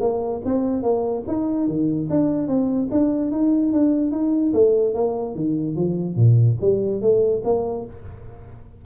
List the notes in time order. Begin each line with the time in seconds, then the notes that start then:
0.00 A#3
0.45 C4
0.82 A#3
1.27 D#4
1.67 D#3
2.10 D4
2.48 C4
2.91 D4
3.31 D#4
3.72 D4
4.11 D#4
4.53 A3
4.94 A#3
5.35 D#3
5.76 F3
6.16 A#2
6.61 G3
7.01 A3
7.44 A#3